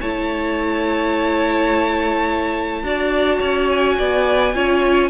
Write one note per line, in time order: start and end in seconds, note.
0.00 2.83 A3
0.00 2.84 E4
0.00 2.83 C#5
0.00 3.68 A5
2.83 3.39 D4
2.83 4.53 F#4
2.83 3.39 D5
3.39 3.98 C#4
3.39 3.96 C#5
3.69 5.09 G#5
3.98 4.54 B3
3.98 4.55 D5
4.54 5.09 C#4
4.54 5.09 F4
4.54 5.09 C#5